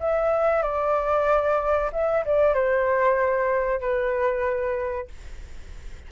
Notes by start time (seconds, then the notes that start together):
0.00 E5
0.63 D5
1.92 E5
2.25 D5
2.54 C5
3.80 B4